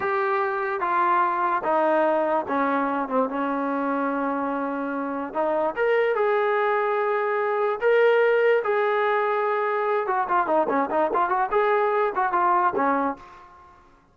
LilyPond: \new Staff \with { instrumentName = "trombone" } { \time 4/4 \tempo 4 = 146 g'2 f'2 | dis'2 cis'4. c'8 | cis'1~ | cis'4 dis'4 ais'4 gis'4~ |
gis'2. ais'4~ | ais'4 gis'2.~ | gis'8 fis'8 f'8 dis'8 cis'8 dis'8 f'8 fis'8 | gis'4. fis'8 f'4 cis'4 | }